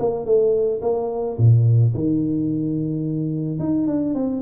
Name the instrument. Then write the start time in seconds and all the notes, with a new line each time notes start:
tuba
0.00 A#3
0.26 A3
0.82 A#3
1.38 A#2
1.95 D#3
3.60 D#4
3.88 D4
4.15 C4